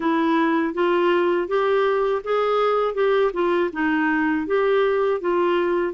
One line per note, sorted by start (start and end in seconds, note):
0.00 0.74 E4
0.74 1.48 F4
1.48 2.22 G4
2.24 2.94 G#4
2.94 3.31 G4
3.33 3.70 F4
3.72 4.46 D#4
4.46 5.20 G4
5.20 5.93 F4